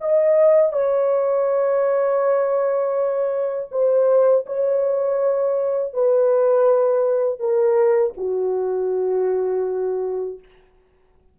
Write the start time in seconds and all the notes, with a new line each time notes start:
0.00 D#5
0.72 C#5
3.71 C5
4.46 C#5
5.93 B4
7.39 A#4
8.16 F#4